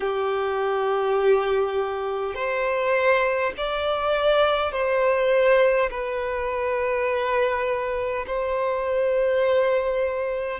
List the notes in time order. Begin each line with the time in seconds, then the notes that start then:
0.00 G4
2.35 C5
3.57 D5
4.72 C5
5.90 B4
8.26 C5